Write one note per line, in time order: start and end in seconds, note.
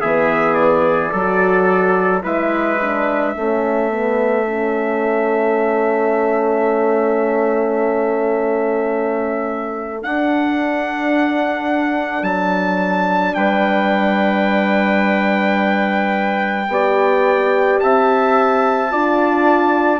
0.00 1.13 E3
0.00 1.15 B3
0.00 1.11 G#4
0.00 0.55 E5
0.55 2.21 D5
1.11 2.24 F#3
1.11 2.22 F#4
1.11 2.22 A4
2.22 3.36 G#3
2.22 2.78 E4
2.22 3.34 B4
2.22 10.03 E5
2.81 3.36 D4
3.34 10.03 A3
3.34 3.91 C#4
3.34 13.34 A4
3.91 4.46 B3
4.46 10.02 C#4
10.02 16.69 D4
10.02 12.23 D4
10.02 12.24 F#5
12.23 13.34 F#3
12.23 13.35 A5
13.35 16.68 G3
13.35 16.70 B4
13.35 17.79 G5
16.68 17.79 B3
16.68 18.91 G4
16.68 17.83 D5
17.80 18.93 C4
17.80 18.92 E5
17.80 20.00 A5
18.91 20.00 D4
18.91 20.00 F4
18.91 20.00 D5